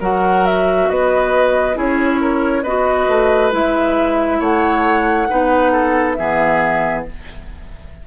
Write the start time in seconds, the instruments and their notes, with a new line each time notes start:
0.00 bassoon F#3, clarinet F#4, oboe A#4, flute F#5
0.45 flute E5
0.89 bassoon B3, oboe B4, flute D#5
1.74 bassoon C#4, clarinet E4, oboe G#4, flute C#5
2.21 oboe A#4
2.63 bassoon B3, clarinet F#4, oboe B4, flute D#5
3.08 bassoon A3
3.51 bassoon G#3, clarinet E4, flute E5
4.39 bassoon A3, oboe C#5, flute F#5
5.29 bassoon B3, clarinet D#4, oboe B4
5.72 oboe A4
6.13 bassoon E3, clarinet B3, oboe G#4, flute E5